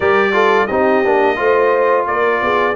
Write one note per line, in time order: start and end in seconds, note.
0.00 0.65 G3
0.00 0.32 G4
0.00 0.32 A#4
0.00 0.66 D5
0.32 0.67 F4
0.32 0.67 A4
0.66 1.04 C4
0.66 1.04 D#4
0.66 1.36 G4
0.66 2.04 D#5
1.04 1.39 A#3
1.04 1.36 D4
1.36 2.07 A3
1.36 2.74 F4
1.36 2.07 C5
2.06 2.41 A#3
2.06 2.43 A#4
2.06 2.75 D5
2.41 2.75 B3
2.41 2.76 G#4